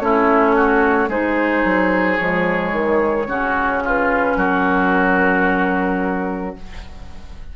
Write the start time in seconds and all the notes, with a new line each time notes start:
0.00 A3 C#4 E4 C#5
0.56 F#4
1.08 G#3 D#4 G#4 C5
1.64 F#3
2.17 F3 G#3 C#5
2.72 D#3
3.27 C#3 C#4 F#4
3.85 F4 B4
4.37 F#3 F#4 A#4